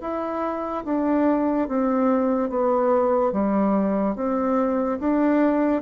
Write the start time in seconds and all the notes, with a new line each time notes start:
0.00 E4
0.84 D4
1.68 C4
2.49 B3
3.32 G3
4.15 C4
4.99 D4